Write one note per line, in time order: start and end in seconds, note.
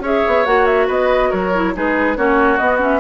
0.00 0.21 C#4
0.00 0.46 G#4
0.00 0.87 C#5
0.00 0.46 E5
0.27 0.46 B3
0.46 0.88 A#3
0.46 1.53 F#4
0.46 0.66 F#5
0.66 0.87 E5
0.87 1.31 B3
0.87 1.30 B4
0.87 1.32 D#5
1.30 1.76 F#3
1.30 1.72 A#4
1.30 1.75 C#5
1.54 1.75 E4
1.75 2.17 G#3
1.75 2.16 D#4
1.75 2.18 G#4
1.75 2.17 B4
2.16 2.60 A#3
2.16 2.59 C#4
2.16 3.00 F#4
2.16 2.57 C#5
2.57 3.00 B3
2.57 2.79 B3
2.57 2.79 D#5
2.79 3.00 C#4
2.79 3.00 E5